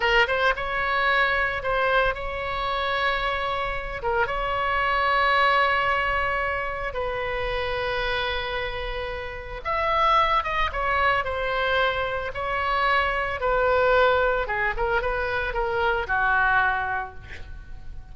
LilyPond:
\new Staff \with { instrumentName = "oboe" } { \time 4/4 \tempo 4 = 112 ais'8 c''8 cis''2 c''4 | cis''2.~ cis''8 ais'8 | cis''1~ | cis''4 b'2.~ |
b'2 e''4. dis''8 | cis''4 c''2 cis''4~ | cis''4 b'2 gis'8 ais'8 | b'4 ais'4 fis'2 | }